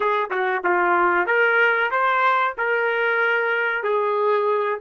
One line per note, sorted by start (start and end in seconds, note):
0.00 0.30 G#4
0.30 0.62 F#4
0.64 1.26 F4
1.26 1.90 A#4
1.90 2.54 C5
2.57 3.83 A#4
3.83 4.79 G#4